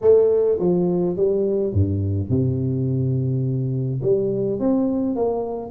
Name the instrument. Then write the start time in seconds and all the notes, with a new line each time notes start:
tuba
0.01 A3
0.59 F3
1.16 G3
1.73 G2
2.29 C3
4.02 G3
4.59 C4
5.15 A#3